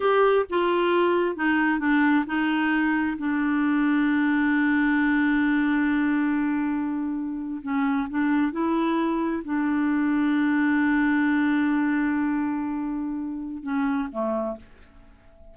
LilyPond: \new Staff \with { instrumentName = "clarinet" } { \time 4/4 \tempo 4 = 132 g'4 f'2 dis'4 | d'4 dis'2 d'4~ | d'1~ | d'1~ |
d'8. cis'4 d'4 e'4~ e'16~ | e'8. d'2.~ d'16~ | d'1~ | d'2 cis'4 a4 | }